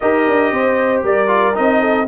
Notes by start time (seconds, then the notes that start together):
0.00 D#4 G4 A#4 D#5
0.27 D4
0.51 C4 C5
1.03 G3 A#4 D5
1.27 F4
1.54 C4 D#4 D#5
1.80 A4